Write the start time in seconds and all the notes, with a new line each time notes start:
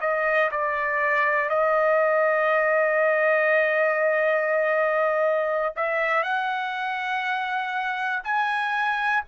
0.00 D#5
0.51 D5
1.49 D#5
5.76 E5
6.23 F#5
8.23 G#5